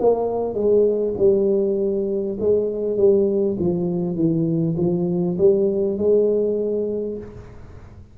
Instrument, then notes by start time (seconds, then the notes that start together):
tuba
0.00 A#3
0.55 G#3
1.18 G3
2.40 G#3
2.97 G3
3.59 F3
4.16 E3
4.78 F3
5.38 G3
5.98 G#3